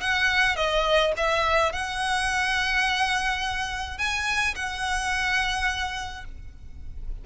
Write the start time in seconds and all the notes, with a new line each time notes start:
0.00 F#5
0.56 D#5
1.16 E5
1.72 F#5
3.98 G#5
4.55 F#5